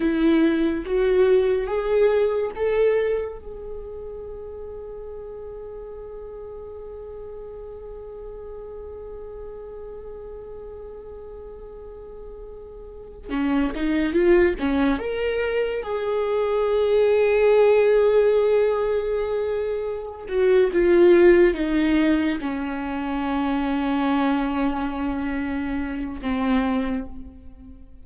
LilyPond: \new Staff \with { instrumentName = "viola" } { \time 4/4 \tempo 4 = 71 e'4 fis'4 gis'4 a'4 | gis'1~ | gis'1~ | gis'2.~ gis'8. cis'16~ |
cis'16 dis'8 f'8 cis'8 ais'4 gis'4~ gis'16~ | gis'1 | fis'8 f'4 dis'4 cis'4.~ | cis'2. c'4 | }